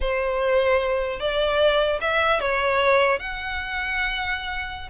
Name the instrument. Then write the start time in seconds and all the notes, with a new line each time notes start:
violin
0.00 C5
1.19 D5
2.00 E5
2.40 C#5
3.19 F#5